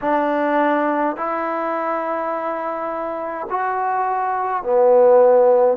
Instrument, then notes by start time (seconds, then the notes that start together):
trombone
0.01 D4
1.16 E4
3.50 F#4
4.63 B3